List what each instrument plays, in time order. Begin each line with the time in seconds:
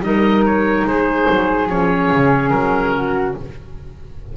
0.00 double bass G3, clarinet D#4, oboe D#5
0.07 flute A#4
0.45 oboe C#5
0.84 double bass G#3, flute G#4, oboe C5
1.30 double bass F#3
1.69 double bass F3, clarinet C#4, oboe C#5
2.12 double bass C#3
2.50 double bass F#3, oboe A#4
2.95 flute F#4